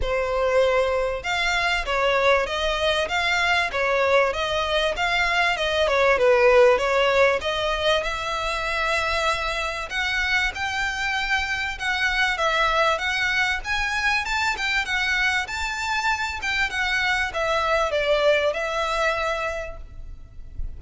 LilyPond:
\new Staff \with { instrumentName = "violin" } { \time 4/4 \tempo 4 = 97 c''2 f''4 cis''4 | dis''4 f''4 cis''4 dis''4 | f''4 dis''8 cis''8 b'4 cis''4 | dis''4 e''2. |
fis''4 g''2 fis''4 | e''4 fis''4 gis''4 a''8 g''8 | fis''4 a''4. g''8 fis''4 | e''4 d''4 e''2 | }